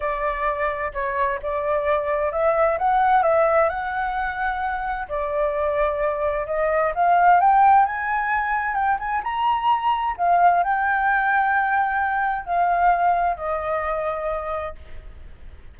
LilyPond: \new Staff \with { instrumentName = "flute" } { \time 4/4 \tempo 4 = 130 d''2 cis''4 d''4~ | d''4 e''4 fis''4 e''4 | fis''2. d''4~ | d''2 dis''4 f''4 |
g''4 gis''2 g''8 gis''8 | ais''2 f''4 g''4~ | g''2. f''4~ | f''4 dis''2. | }